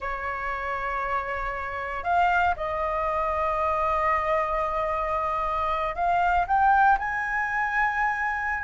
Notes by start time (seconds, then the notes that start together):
0.00 C#5
2.03 F5
2.56 D#5
5.95 F5
6.47 G5
6.98 G#5